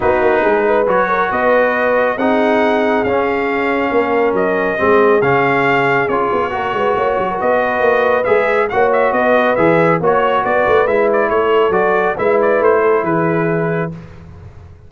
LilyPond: <<
  \new Staff \with { instrumentName = "trumpet" } { \time 4/4 \tempo 4 = 138 b'2 cis''4 dis''4~ | dis''4 fis''2 f''4~ | f''2 dis''2 | f''2 cis''2~ |
cis''4 dis''2 e''4 | fis''8 e''8 dis''4 e''4 cis''4 | d''4 e''8 d''8 cis''4 d''4 | e''8 d''8 c''4 b'2 | }
  \new Staff \with { instrumentName = "horn" } { \time 4/4 fis'4 gis'8 b'4 ais'8 b'4~ | b'4 gis'2.~ | gis'4 ais'2 gis'4~ | gis'2. ais'8 b'8 |
cis''8. ais'16 b'2. | cis''4 b'2 cis''4 | b'2 a'2 | b'4. a'8 gis'2 | }
  \new Staff \with { instrumentName = "trombone" } { \time 4/4 dis'2 fis'2~ | fis'4 dis'2 cis'4~ | cis'2. c'4 | cis'2 f'4 fis'4~ |
fis'2. gis'4 | fis'2 gis'4 fis'4~ | fis'4 e'2 fis'4 | e'1 | }
  \new Staff \with { instrumentName = "tuba" } { \time 4/4 b8 ais8 gis4 fis4 b4~ | b4 c'2 cis'4~ | cis'4 ais4 fis4 gis4 | cis2 cis'8 b8 ais8 gis8 |
ais8 fis8 b4 ais4 gis4 | ais4 b4 e4 ais4 | b8 a8 gis4 a4 fis4 | gis4 a4 e2 | }
>>